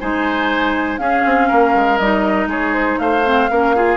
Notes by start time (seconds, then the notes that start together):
0.00 G#3 D#4 C5 G#5
0.97 C#4 G#4 F5
1.25 C4
1.48 A#3 A#4
1.74 G#3
1.97 G3 D#4 D#5
2.46 G#3 G#4 C#5
2.74 C5
2.98 A3 C5 F5
3.24 C4
3.50 A#3 C#4 A#4
3.75 F4 G#4